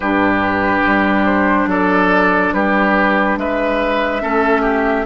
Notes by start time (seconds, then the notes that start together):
0.00 G2 D4 G4 B4
0.86 G3
1.25 C5
1.66 F#3 A4 D5
2.53 G3 G4 B4
3.37 G#3 B4 E5
4.21 A3 C#4 A4
4.61 G4